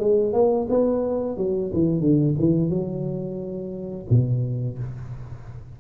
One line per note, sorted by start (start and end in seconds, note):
0.00 0.33 G#3
0.33 0.67 A#3
0.70 1.37 B3
1.37 1.71 F#3
1.74 2.01 E3
2.01 2.35 D3
2.40 2.70 E3
2.70 4.06 F#3
4.11 4.79 B2